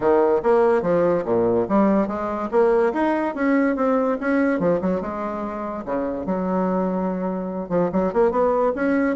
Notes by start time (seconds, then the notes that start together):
0.00 D#3
0.42 A#3
0.82 F3
1.25 A#2
1.69 G3
2.07 G#3
2.51 A#3
2.93 D#4
3.34 C#4
3.76 C4
4.20 C#4
4.59 F3
4.81 F#3
5.01 G#3
5.85 C#3
6.26 F#3
7.69 F3
7.92 F#3
8.13 A#3
8.31 B3
8.75 C#4